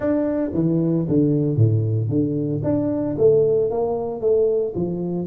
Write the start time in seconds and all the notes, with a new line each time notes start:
0.00 D4
0.54 E3
1.08 D3
1.56 A2
2.08 D3
2.63 D4
3.17 A3
3.70 A#3
4.20 A3
4.75 F3